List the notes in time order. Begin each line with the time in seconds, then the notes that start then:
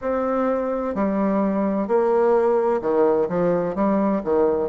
0.01 C4
0.94 G3
1.87 A#3
2.81 D#3
3.28 F3
3.75 G3
4.24 D#3